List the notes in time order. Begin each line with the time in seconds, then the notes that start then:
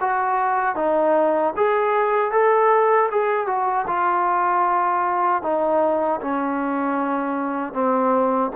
0.00 F#4
0.75 D#4
1.56 G#4
2.31 A4
3.11 G#4
3.46 F#4
3.87 F4
5.42 D#4
6.21 C#4
7.73 C4